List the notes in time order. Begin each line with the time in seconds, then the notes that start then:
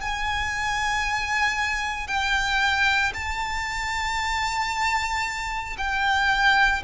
0.00 G#5
2.07 G5
3.13 A5
5.78 G5